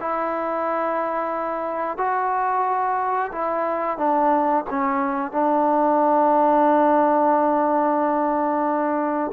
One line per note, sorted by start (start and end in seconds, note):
0.00 1.98 E4
1.98 3.32 F#4
3.32 3.98 E4
3.98 4.65 D4
4.70 5.32 C#4
5.32 9.32 D4